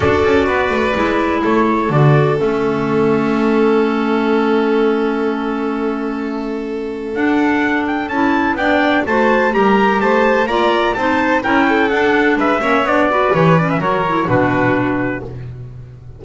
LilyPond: <<
  \new Staff \with { instrumentName = "trumpet" } { \time 4/4 \tempo 4 = 126 d''2. cis''4 | d''4 e''2.~ | e''1~ | e''2. fis''4~ |
fis''8 g''8 a''4 g''4 a''4 | ais''4 a''4 ais''4 a''4 | g''4 fis''4 e''4 d''4 | cis''8 d''16 e''16 cis''4 b'2 | }
  \new Staff \with { instrumentName = "violin" } { \time 4/4 a'4 b'2 a'4~ | a'1~ | a'1~ | a'1~ |
a'2 d''4 c''4 | ais'4 c''4 d''4 c''4 | ais'8 a'4. b'8 cis''4 b'8~ | b'4 ais'4 fis'2 | }
  \new Staff \with { instrumentName = "clarinet" } { \time 4/4 fis'2 e'2 | fis'4 cis'2.~ | cis'1~ | cis'2. d'4~ |
d'4 e'4 d'4 fis'4 | g'2 f'4 dis'4 | e'4 d'4. cis'8 d'8 fis'8 | g'8 cis'8 fis'8 e'8 d'2 | }
  \new Staff \with { instrumentName = "double bass" } { \time 4/4 d'8 cis'8 b8 a8 gis4 a4 | d4 a2.~ | a1~ | a2. d'4~ |
d'4 cis'4 b4 a4 | g4 a4 ais4 c'4 | cis'4 d'4 gis8 ais8 b4 | e4 fis4 b,2 | }
>>